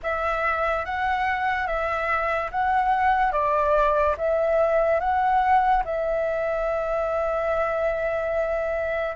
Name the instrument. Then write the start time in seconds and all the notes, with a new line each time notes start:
flute
0.02 E5
0.85 F#5
1.67 E5
2.51 F#5
3.32 D5
4.17 E5
5.00 F#5
5.84 E5